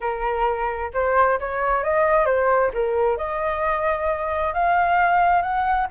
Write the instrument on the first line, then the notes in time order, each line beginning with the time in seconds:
flute
0.00 A#4
0.93 C5
1.39 C#5
1.83 D#5
2.25 C5
2.73 A#4
3.17 D#5
4.53 F5
5.42 F#5